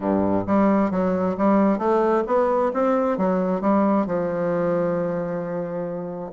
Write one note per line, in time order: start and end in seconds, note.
0.00 0.44 G2
0.46 0.90 G3
0.90 1.36 F#3
1.37 1.78 G3
1.78 2.23 A3
2.27 2.72 B3
2.73 3.17 C4
3.17 3.61 F#3
3.61 4.06 G3
4.06 6.31 F3